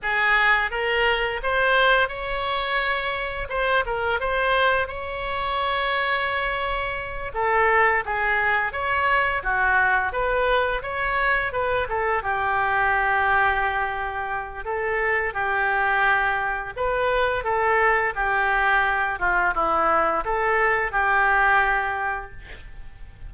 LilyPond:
\new Staff \with { instrumentName = "oboe" } { \time 4/4 \tempo 4 = 86 gis'4 ais'4 c''4 cis''4~ | cis''4 c''8 ais'8 c''4 cis''4~ | cis''2~ cis''8 a'4 gis'8~ | gis'8 cis''4 fis'4 b'4 cis''8~ |
cis''8 b'8 a'8 g'2~ g'8~ | g'4 a'4 g'2 | b'4 a'4 g'4. f'8 | e'4 a'4 g'2 | }